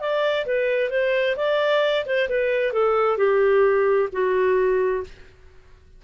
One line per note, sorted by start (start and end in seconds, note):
0.00 0.46 D5
0.46 0.90 B4
0.90 1.36 C5
1.37 2.05 D5
2.06 2.29 C5
2.29 2.73 B4
2.73 3.18 A4
3.18 4.09 G4
4.13 5.04 F#4